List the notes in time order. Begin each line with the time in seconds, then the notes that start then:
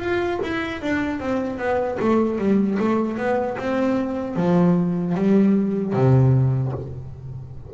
0.00 F4
0.43 E4
0.82 D4
1.20 C4
1.59 B3
2.00 A3
2.39 G3
2.80 A3
3.18 B3
3.58 C4
4.36 F3
5.15 G3
5.94 C3